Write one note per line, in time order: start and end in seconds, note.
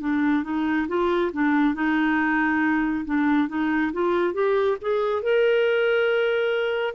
0.00 0.43 D4
0.43 0.87 D#4
0.87 1.31 F4
1.32 1.74 D4
1.74 3.05 D#4
3.05 3.48 D4
3.48 3.92 D#4
3.92 4.33 F4
4.33 4.77 G4
4.81 5.22 G#4
5.22 6.94 A#4